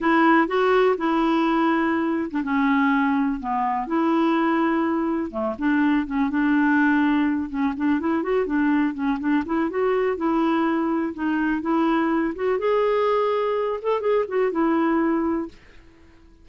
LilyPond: \new Staff \with { instrumentName = "clarinet" } { \time 4/4 \tempo 4 = 124 e'4 fis'4 e'2~ | e'8. d'16 cis'2 b4 | e'2. a8 d'8~ | d'8 cis'8 d'2~ d'8 cis'8 |
d'8 e'8 fis'8 d'4 cis'8 d'8 e'8 | fis'4 e'2 dis'4 | e'4. fis'8 gis'2~ | gis'8 a'8 gis'8 fis'8 e'2 | }